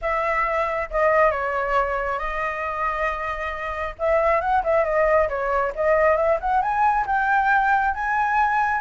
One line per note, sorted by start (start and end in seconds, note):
0.01 0.89 E5
0.90 1.31 D#5
1.31 2.18 C#5
2.18 3.95 D#5
3.98 4.40 E5
4.40 4.62 F#5
4.63 4.84 E5
4.84 5.28 D#5
5.28 5.73 C#5
5.75 6.16 D#5
6.16 6.38 E5
6.40 6.62 F#5
6.62 7.06 G#5
7.06 7.94 G5
7.94 8.81 G#5